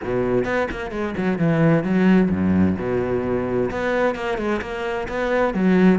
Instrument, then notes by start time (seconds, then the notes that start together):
cello
0.03 B2
0.44 B3
0.71 A#3
0.91 G#3
1.17 F#3
1.38 E3
1.83 F#3
2.30 F#2
2.78 B2
3.70 B3
4.15 A#3
4.37 G#3
4.61 A#3
5.08 B3
5.54 F#3